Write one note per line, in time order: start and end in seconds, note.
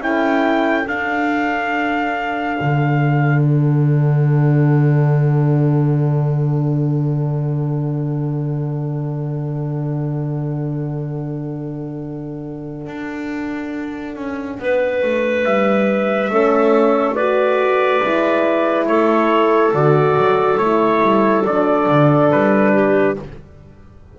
0.00 0.86 C#4
0.00 0.86 E4
0.00 14.58 A4
0.00 0.88 G5
0.87 2.58 D4
0.87 16.31 D4
0.87 3.44 F5
2.61 12.87 D3
3.44 15.44 F#5
12.87 14.15 D4
14.15 14.58 C#4
14.59 15.02 B3
14.59 16.32 B4
15.02 15.45 A3
15.44 16.29 G3
15.44 17.16 E5
16.29 18.01 A3
16.29 17.17 C#4
16.29 17.15 A4
17.15 18.03 F#4
17.15 18.86 B4
17.15 18.87 D5
18.03 18.86 G#3
18.03 19.74 E4
18.86 19.72 A3
18.86 22.74 A4
18.86 19.73 C#5
19.73 20.16 D3
19.73 20.60 F#4
19.73 20.57 D5
20.17 20.58 F#3
20.57 21.01 A3
20.57 21.47 E4
20.57 21.43 C#5
21.02 21.44 G3
21.44 21.87 F#3
21.44 23.19 D4
21.44 22.31 D5
21.88 22.31 D3
22.31 23.18 G3
22.31 23.17 B4
22.74 23.16 G4